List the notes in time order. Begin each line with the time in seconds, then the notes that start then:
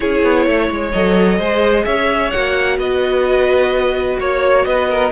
0.00 C#4 E4 G#4 C#5
0.23 B3
0.46 A3 C#5
0.69 G#3
0.92 F#3 A4 D#5
1.37 G#3 G#4 C5
1.84 C#4 C#5 E5
2.30 A#3 F#4 F#5
2.78 B3 B4 D#5
4.19 A#3 C#5
4.64 B3 B4 D#5
4.89 A#4